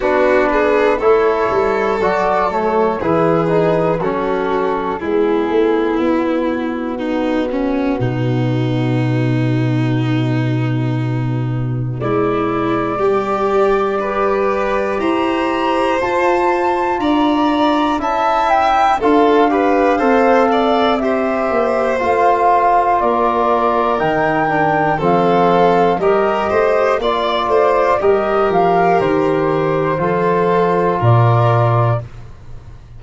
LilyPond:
<<
  \new Staff \with { instrumentName = "flute" } { \time 4/4 \tempo 4 = 60 b'4 cis''4 d''8 cis''8 b'4 | a'4 gis'4 fis'2~ | fis'1 | d''2. ais''4 |
a''4 ais''4 a''8 g''8 f''4~ | f''4 e''4 f''4 d''4 | g''4 f''4 dis''4 d''4 | dis''8 f''8 c''2 d''4 | }
  \new Staff \with { instrumentName = "violin" } { \time 4/4 fis'8 gis'8 a'2 gis'4 | fis'4 e'2 dis'8 cis'8 | dis'1 | e'4 g'4 b'4 c''4~ |
c''4 d''4 e''4 a'8 b'8 | c''8 d''8 c''2 ais'4~ | ais'4 a'4 ais'8 c''8 d''8 c''8 | ais'2 a'4 ais'4 | }
  \new Staff \with { instrumentName = "trombone" } { \time 4/4 d'4 e'4 fis'8 a8 e'8 dis'8 | cis'4 b2.~ | b1~ | b2 g'2 |
f'2 e'4 f'8 g'8 | a'4 g'4 f'2 | dis'8 d'8 c'4 g'4 f'4 | g'2 f'2 | }
  \new Staff \with { instrumentName = "tuba" } { \time 4/4 b4 a8 g8 fis4 e4 | fis4 gis8 a8 b2 | b,1 | gis4 g2 e'4 |
f'4 d'4 cis'4 d'4 | c'4. ais8 a4 ais4 | dis4 f4 g8 a8 ais8 a8 | g8 f8 dis4 f4 ais,4 | }
>>